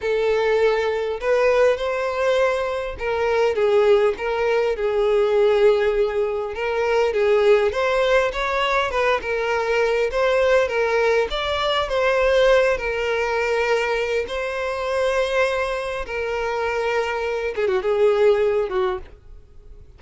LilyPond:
\new Staff \with { instrumentName = "violin" } { \time 4/4 \tempo 4 = 101 a'2 b'4 c''4~ | c''4 ais'4 gis'4 ais'4 | gis'2. ais'4 | gis'4 c''4 cis''4 b'8 ais'8~ |
ais'4 c''4 ais'4 d''4 | c''4. ais'2~ ais'8 | c''2. ais'4~ | ais'4. gis'16 fis'16 gis'4. fis'8 | }